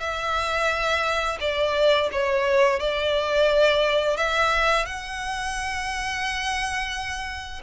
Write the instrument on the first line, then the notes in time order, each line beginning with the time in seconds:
violin
0.00 E5
1.40 D5
2.12 C#5
2.80 D5
4.17 E5
4.86 F#5